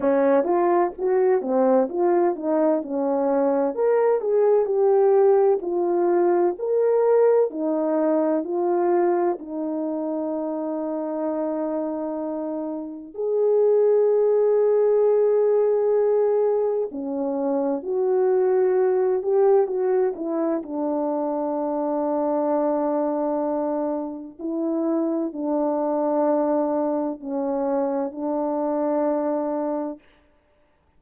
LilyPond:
\new Staff \with { instrumentName = "horn" } { \time 4/4 \tempo 4 = 64 cis'8 f'8 fis'8 c'8 f'8 dis'8 cis'4 | ais'8 gis'8 g'4 f'4 ais'4 | dis'4 f'4 dis'2~ | dis'2 gis'2~ |
gis'2 cis'4 fis'4~ | fis'8 g'8 fis'8 e'8 d'2~ | d'2 e'4 d'4~ | d'4 cis'4 d'2 | }